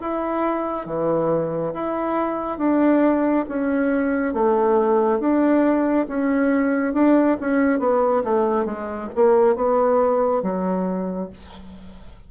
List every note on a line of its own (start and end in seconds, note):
0.00 0.86 E4
0.86 1.73 E3
1.74 2.58 E4
2.58 3.45 D4
3.49 4.33 C#4
4.33 5.19 A3
5.19 6.06 D4
6.08 6.94 C#4
6.94 7.37 D4
7.40 7.79 C#4
7.79 8.23 B3
8.24 8.65 A3
8.65 9.09 G#3
9.15 9.55 A#3
9.55 10.42 B3
10.42 11.29 F#3